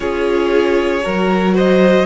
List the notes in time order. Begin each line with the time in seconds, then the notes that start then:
0.00 C#4 F4 G#4 C#5
1.02 F#3 F#4 A#4
1.54 C5 D#5